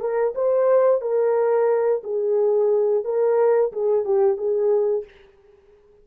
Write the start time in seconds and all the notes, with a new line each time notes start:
0.00 A#4
0.35 C5
1.01 A#4
2.03 G#4
3.04 A#4
3.72 G#4
4.05 G4
4.37 G#4